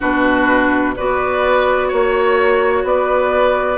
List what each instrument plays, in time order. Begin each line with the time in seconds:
0.00 bassoon B2, clarinet D4, oboe F#4, flute B4
0.96 bassoon B3, clarinet F#4, oboe B4, flute D5
1.88 bassoon A#3, oboe C#5, flute C#5
2.83 bassoon B3, oboe B4, flute D5